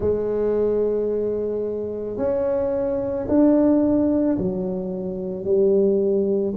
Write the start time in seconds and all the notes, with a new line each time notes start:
0.00 G#3
2.17 C#4
3.28 D4
4.38 F#3
5.44 G3